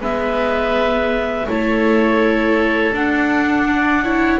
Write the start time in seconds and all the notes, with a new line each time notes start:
0.00 G#3 B3 B4 E5
1.47 A3 E4 A4 C#5
2.92 D4 F#5
3.68 D5
4.04 E4 C#5